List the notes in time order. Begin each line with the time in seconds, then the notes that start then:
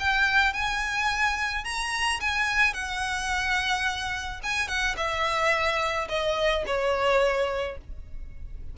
0.00 G5
0.54 G#5
1.65 A#5
2.21 G#5
2.74 F#5
4.43 G#5
4.68 F#5
4.97 E5
6.09 D#5
6.67 C#5